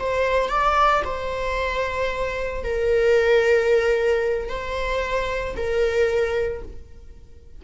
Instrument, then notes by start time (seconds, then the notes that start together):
viola
0.00 C5
0.50 D5
1.05 C5
2.64 A#4
4.49 C5
5.57 A#4